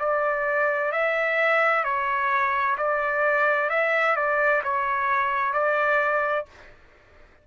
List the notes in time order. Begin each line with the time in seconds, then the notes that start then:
0.00 D5
0.92 E5
1.84 C#5
2.78 D5
3.70 E5
4.16 D5
4.64 C#5
5.54 D5